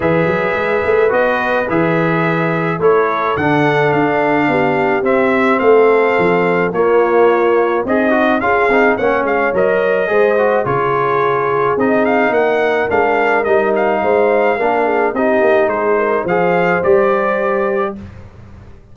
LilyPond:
<<
  \new Staff \with { instrumentName = "trumpet" } { \time 4/4 \tempo 4 = 107 e''2 dis''4 e''4~ | e''4 cis''4 fis''4 f''4~ | f''4 e''4 f''2 | cis''2 dis''4 f''4 |
fis''8 f''8 dis''2 cis''4~ | cis''4 dis''8 f''8 fis''4 f''4 | dis''8 f''2~ f''8 dis''4 | c''4 f''4 d''2 | }
  \new Staff \with { instrumentName = "horn" } { \time 4/4 b'1~ | b'4 a'2. | g'2 a'2 | f'2 dis'4 gis'4 |
cis''2 c''4 gis'4~ | gis'2 ais'2~ | ais'4 c''4 ais'8 gis'8 g'4 | gis'8 ais'8 c''2. | }
  \new Staff \with { instrumentName = "trombone" } { \time 4/4 gis'2 fis'4 gis'4~ | gis'4 e'4 d'2~ | d'4 c'2. | ais2 gis'8 fis'8 f'8 dis'8 |
cis'4 ais'4 gis'8 fis'8 f'4~ | f'4 dis'2 d'4 | dis'2 d'4 dis'4~ | dis'4 gis'4 g'2 | }
  \new Staff \with { instrumentName = "tuba" } { \time 4/4 e8 fis8 gis8 a8 b4 e4~ | e4 a4 d4 d'4 | b4 c'4 a4 f4 | ais2 c'4 cis'8 c'8 |
ais8 gis8 fis4 gis4 cis4~ | cis4 c'4 ais4 gis4 | g4 gis4 ais4 c'8 ais8 | gis4 f4 g2 | }
>>